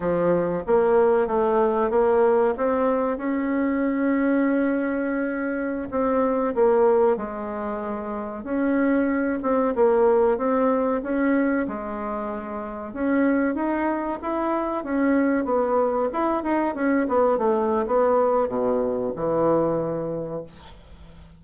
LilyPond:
\new Staff \with { instrumentName = "bassoon" } { \time 4/4 \tempo 4 = 94 f4 ais4 a4 ais4 | c'4 cis'2.~ | cis'4~ cis'16 c'4 ais4 gis8.~ | gis4~ gis16 cis'4. c'8 ais8.~ |
ais16 c'4 cis'4 gis4.~ gis16~ | gis16 cis'4 dis'4 e'4 cis'8.~ | cis'16 b4 e'8 dis'8 cis'8 b8 a8. | b4 b,4 e2 | }